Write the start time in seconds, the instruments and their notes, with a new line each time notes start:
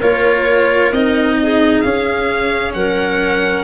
0.00 tuba A#3, cello F4, clarinet A#4, violin C#5
0.92 tuba C4, cello D#4, violin D#5
1.43 clarinet G#4
1.81 tuba C#4, cello C#4, violin F5
2.74 tuba F#3, clarinet A#4, violin F#5